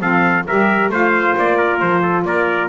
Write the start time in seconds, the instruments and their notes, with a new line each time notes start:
0.00 double bass F3, saxophone C4, trumpet A4 F5
0.47 double bass G3, saxophone G4, trumpet A#4 E5
0.89 double bass A3, saxophone F4, trumpet C5 F5
1.38 double bass A#3, trumpet D5
1.57 trumpet A#4
1.79 double bass F3, trumpet C5
2.02 trumpet A4
2.25 double bass A#3, trumpet A#4 D5